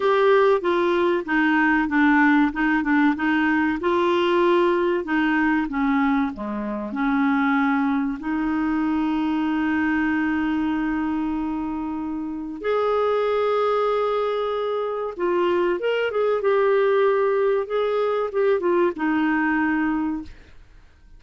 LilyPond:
\new Staff \with { instrumentName = "clarinet" } { \time 4/4 \tempo 4 = 95 g'4 f'4 dis'4 d'4 | dis'8 d'8 dis'4 f'2 | dis'4 cis'4 gis4 cis'4~ | cis'4 dis'2.~ |
dis'1 | gis'1 | f'4 ais'8 gis'8 g'2 | gis'4 g'8 f'8 dis'2 | }